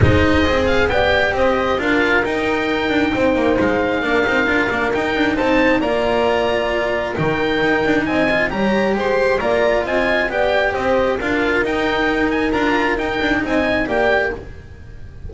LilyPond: <<
  \new Staff \with { instrumentName = "oboe" } { \time 4/4 \tempo 4 = 134 dis''4. f''8 g''4 dis''4 | f''4 g''2. | f''2. g''4 | a''4 ais''2. |
g''2 gis''4 ais''4 | c'''4 ais''4 gis''4 g''4 | dis''4 f''4 g''4. gis''8 | ais''4 g''4 gis''4 g''4 | }
  \new Staff \with { instrumentName = "horn" } { \time 4/4 c''2 d''4 c''4 | ais'2. c''4~ | c''4 ais'2. | c''4 d''2. |
ais'2 dis''4 cis''4 | c''4 d''4 dis''4 d''4 | c''4 ais'2.~ | ais'2 dis''4 d''4 | }
  \new Staff \with { instrumentName = "cello" } { \time 4/4 dis'4 gis'4 g'2 | f'4 dis'2.~ | dis'4 d'8 dis'8 f'8 d'8 dis'4~ | dis'4 f'2. |
dis'2~ dis'8 f'8 g'4~ | g'4 f'2 g'4~ | g'4 f'4 dis'2 | f'4 dis'2 g'4 | }
  \new Staff \with { instrumentName = "double bass" } { \time 4/4 gis4 c'4 b4 c'4 | d'4 dis'4. d'8 c'8 ais8 | gis4 ais8 c'8 d'8 ais8 dis'8 d'8 | c'4 ais2. |
dis4 dis'8 d'8 c'4 g4 | gis4 ais4 c'4 b4 | c'4 d'4 dis'2 | d'4 dis'8 d'8 c'4 ais4 | }
>>